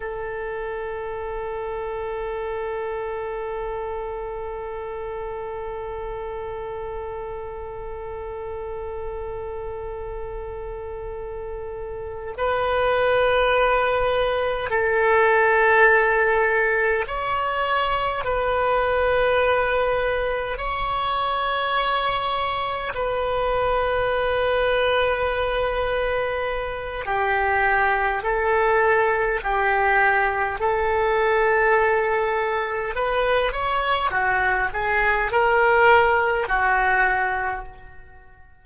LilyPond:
\new Staff \with { instrumentName = "oboe" } { \time 4/4 \tempo 4 = 51 a'1~ | a'1~ | a'2~ a'8 b'4.~ | b'8 a'2 cis''4 b'8~ |
b'4. cis''2 b'8~ | b'2. g'4 | a'4 g'4 a'2 | b'8 cis''8 fis'8 gis'8 ais'4 fis'4 | }